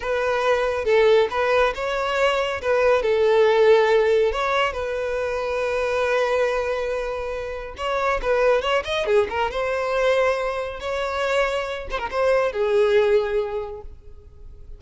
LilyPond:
\new Staff \with { instrumentName = "violin" } { \time 4/4 \tempo 4 = 139 b'2 a'4 b'4 | cis''2 b'4 a'4~ | a'2 cis''4 b'4~ | b'1~ |
b'2 cis''4 b'4 | cis''8 dis''8 gis'8 ais'8 c''2~ | c''4 cis''2~ cis''8 c''16 ais'16 | c''4 gis'2. | }